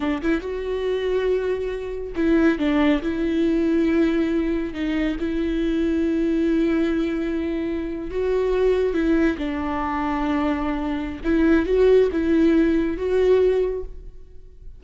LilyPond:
\new Staff \with { instrumentName = "viola" } { \time 4/4 \tempo 4 = 139 d'8 e'8 fis'2.~ | fis'4 e'4 d'4 e'4~ | e'2. dis'4 | e'1~ |
e'2~ e'8. fis'4~ fis'16~ | fis'8. e'4 d'2~ d'16~ | d'2 e'4 fis'4 | e'2 fis'2 | }